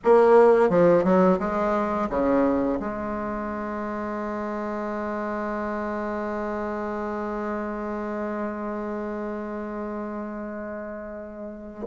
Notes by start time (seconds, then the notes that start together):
0.04 A#3
0.69 F3
1.03 F#3
1.39 G#3
2.09 C#3
2.79 G#3